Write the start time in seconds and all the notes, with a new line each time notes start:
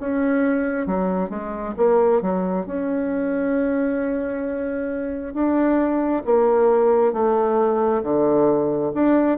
0.00 C#4
0.86 F#3
1.29 G#3
1.77 A#3
2.21 F#3
2.66 C#4
5.33 D4
6.25 A#3
7.13 A3
8.03 D3
8.94 D4